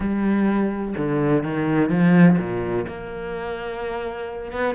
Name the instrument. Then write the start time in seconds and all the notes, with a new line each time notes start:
cello
0.00 G3
0.97 D3
1.43 D#3
1.89 F3
2.38 A#2
2.87 A#3
4.52 B3